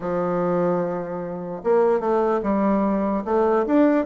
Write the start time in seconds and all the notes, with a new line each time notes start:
0.00 F3
1.63 A#3
1.99 A3
2.43 G3
3.24 A3
3.66 D4